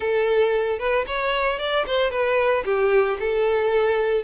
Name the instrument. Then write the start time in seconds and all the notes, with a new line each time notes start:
violin
0.00 A4
0.78 B4
1.06 C#5
1.59 D5
1.86 C5
2.10 B4
2.65 G4
3.19 A4